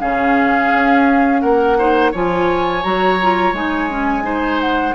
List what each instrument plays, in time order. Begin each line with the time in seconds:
0.00 bassoon C#3, clarinet C#4, oboe G#4, flute F5
0.73 bassoon C#4
1.41 bassoon A#3, oboe A#4, flute F#5
1.79 clarinet D#4, oboe C5
2.12 bassoon F3, clarinet F4, oboe C#5, flute G#5
2.83 bassoon F#3, clarinet F#4, flute A#5
3.22 clarinet F4
3.53 bassoon G#3, clarinet D#4, flute G#5
3.90 clarinet C#4
4.23 clarinet D#4, oboe C5
4.61 flute F#5